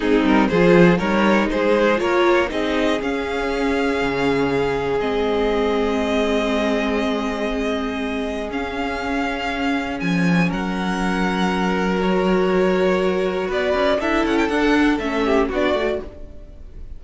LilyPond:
<<
  \new Staff \with { instrumentName = "violin" } { \time 4/4 \tempo 4 = 120 gis'8 ais'8 c''4 cis''4 c''4 | cis''4 dis''4 f''2~ | f''2 dis''2~ | dis''1~ |
dis''4 f''2. | gis''4 fis''2. | cis''2. d''4 | e''8 fis''16 g''16 fis''4 e''4 d''4 | }
  \new Staff \with { instrumentName = "violin" } { \time 4/4 dis'4 gis'4 ais'4 gis'4 | ais'4 gis'2.~ | gis'1~ | gis'1~ |
gis'1~ | gis'4 ais'2.~ | ais'2. b'4 | a'2~ a'8 g'8 fis'4 | }
  \new Staff \with { instrumentName = "viola" } { \time 4/4 c'4 f'4 dis'2 | f'4 dis'4 cis'2~ | cis'2 c'2~ | c'1~ |
c'4 cis'2.~ | cis'1 | fis'1 | e'4 d'4 cis'4 d'8 fis'8 | }
  \new Staff \with { instrumentName = "cello" } { \time 4/4 gis8 g8 f4 g4 gis4 | ais4 c'4 cis'2 | cis2 gis2~ | gis1~ |
gis4 cis'2. | f4 fis2.~ | fis2. b8 cis'8 | d'8 cis'8 d'4 a4 b8 a8 | }
>>